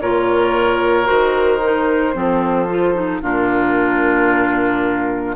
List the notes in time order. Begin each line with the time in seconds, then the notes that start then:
0.00 A#2 F4 A#4 C#5
1.04 D#3 F#4 C5
1.64 D#4
2.13 F3 C4 A4
2.69 F4
2.94 D#4
3.21 A#2 D4 F4 A#4